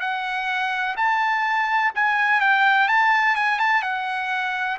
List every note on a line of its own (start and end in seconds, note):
0.00 0.95 F#5
0.96 1.91 A5
1.94 2.40 G#5
2.40 2.88 G5
2.88 3.35 A5
3.35 3.58 G#5
3.58 3.82 A5
3.82 4.77 F#5